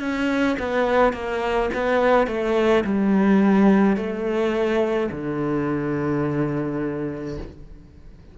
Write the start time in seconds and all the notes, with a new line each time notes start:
0.00 C#4
0.59 B3
1.13 A#3
1.73 B3
2.27 A3
2.84 G3
3.96 A3
5.11 D3